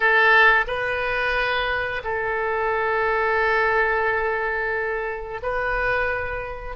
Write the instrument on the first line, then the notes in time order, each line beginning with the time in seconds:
oboe
0.00 A4
0.67 B4
2.03 A4
5.42 B4